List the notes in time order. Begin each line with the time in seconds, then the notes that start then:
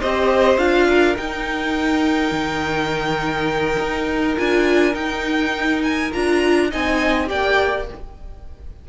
0.00 C4 G4 C5 D#5
0.58 D4 F4 F5
0.89 A#4
1.15 D#4 G5
2.31 D#3
3.79 D#4
4.37 D4 F4 G#5
4.93 D#4 G5
5.83 G#5
6.12 D4 F4 A#5
6.70 C4 D#4 D#5 G#5
7.27 A#3 G4 D5 G5